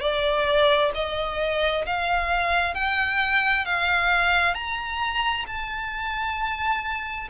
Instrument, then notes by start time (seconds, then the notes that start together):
violin
0.00 D5
0.94 D#5
1.86 F5
2.74 G5
3.65 F5
4.54 A#5
5.46 A5